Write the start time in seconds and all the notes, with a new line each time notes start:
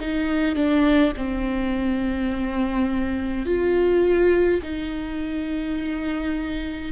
0.00 D#4
0.56 D4
1.17 C4
3.46 F4
4.63 D#4